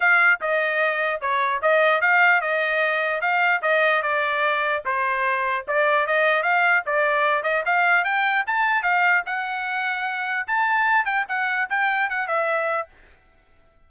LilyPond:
\new Staff \with { instrumentName = "trumpet" } { \time 4/4 \tempo 4 = 149 f''4 dis''2 cis''4 | dis''4 f''4 dis''2 | f''4 dis''4 d''2 | c''2 d''4 dis''4 |
f''4 d''4. dis''8 f''4 | g''4 a''4 f''4 fis''4~ | fis''2 a''4. g''8 | fis''4 g''4 fis''8 e''4. | }